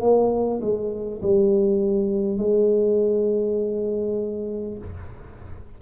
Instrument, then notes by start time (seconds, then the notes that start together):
tuba
0.00 A#3
0.61 G#3
1.22 G3
2.37 G#3